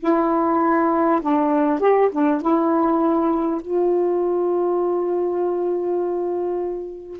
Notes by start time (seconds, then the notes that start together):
0.00 E4
1.21 D4
1.79 G4
2.12 D4
2.41 E4
3.61 F4